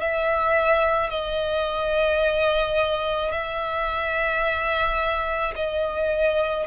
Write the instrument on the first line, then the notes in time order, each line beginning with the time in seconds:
violin
0.00 E5
1.10 D#5
3.31 E5
5.56 D#5